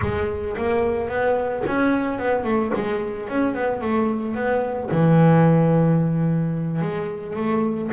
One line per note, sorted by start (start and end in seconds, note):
0.01 0.56 G#3
0.57 1.08 A#3
1.08 1.63 B3
1.66 2.18 C#4
2.18 2.44 B3
2.44 2.71 A3
2.74 3.29 G#3
3.29 3.54 C#4
3.54 3.81 B3
3.81 4.35 A3
4.35 4.89 B3
4.91 6.81 E3
6.81 7.36 G#3
7.36 7.90 A3